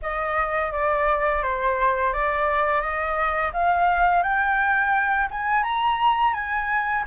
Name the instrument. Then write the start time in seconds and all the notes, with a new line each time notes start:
flute
0.02 D#5
0.72 D5
1.42 C5
2.13 D5
2.81 D#5
3.53 F5
4.22 G5
5.31 G#5
5.63 A#5
6.33 G#5